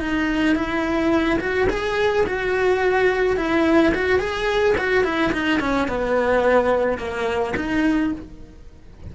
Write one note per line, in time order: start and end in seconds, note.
0.00 0.55 D#4
0.55 1.39 E4
1.39 1.67 F#4
1.69 2.25 G#4
2.26 3.37 F#4
3.37 3.93 E4
3.94 4.19 F#4
4.19 4.75 G#4
4.77 5.04 F#4
5.04 5.32 E4
5.32 5.60 D#4
5.60 5.88 C#4
5.88 6.98 B3
6.98 7.54 A#3
7.56 8.12 D#4